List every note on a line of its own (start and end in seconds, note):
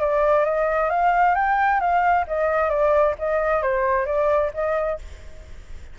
0.00 0.44 D5
0.44 0.90 D#5
0.90 1.35 F5
1.35 1.80 G5
1.80 2.25 F5
2.27 2.69 D#5
2.69 3.14 D5
3.18 3.62 D#5
3.62 4.05 C5
4.05 4.51 D5
4.53 4.98 D#5